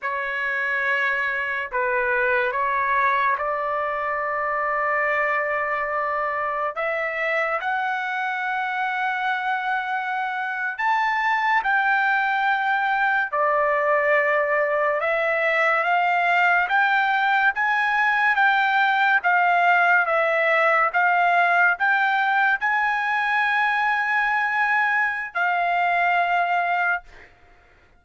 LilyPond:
\new Staff \with { instrumentName = "trumpet" } { \time 4/4 \tempo 4 = 71 cis''2 b'4 cis''4 | d''1 | e''4 fis''2.~ | fis''8. a''4 g''2 d''16~ |
d''4.~ d''16 e''4 f''4 g''16~ | g''8. gis''4 g''4 f''4 e''16~ | e''8. f''4 g''4 gis''4~ gis''16~ | gis''2 f''2 | }